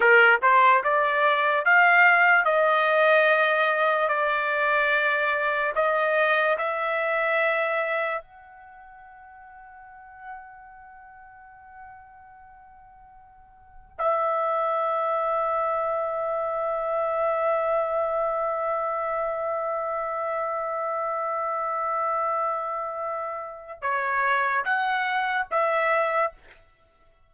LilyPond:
\new Staff \with { instrumentName = "trumpet" } { \time 4/4 \tempo 4 = 73 ais'8 c''8 d''4 f''4 dis''4~ | dis''4 d''2 dis''4 | e''2 fis''2~ | fis''1~ |
fis''4 e''2.~ | e''1~ | e''1~ | e''4 cis''4 fis''4 e''4 | }